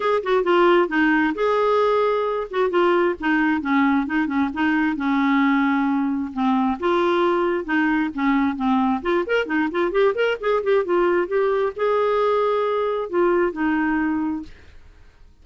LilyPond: \new Staff \with { instrumentName = "clarinet" } { \time 4/4 \tempo 4 = 133 gis'8 fis'8 f'4 dis'4 gis'4~ | gis'4. fis'8 f'4 dis'4 | cis'4 dis'8 cis'8 dis'4 cis'4~ | cis'2 c'4 f'4~ |
f'4 dis'4 cis'4 c'4 | f'8 ais'8 dis'8 f'8 g'8 ais'8 gis'8 g'8 | f'4 g'4 gis'2~ | gis'4 f'4 dis'2 | }